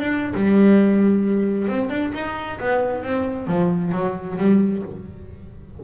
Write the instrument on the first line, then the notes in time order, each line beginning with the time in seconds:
double bass
0.00 D4
0.35 G3
1.69 C4
1.90 D4
2.14 D#4
2.60 B3
3.03 C4
3.48 F3
3.92 F#3
4.38 G3